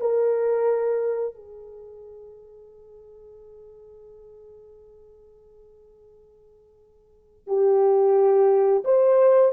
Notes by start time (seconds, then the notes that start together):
0.00 A#4
1.34 G#4
7.47 G4
8.85 C5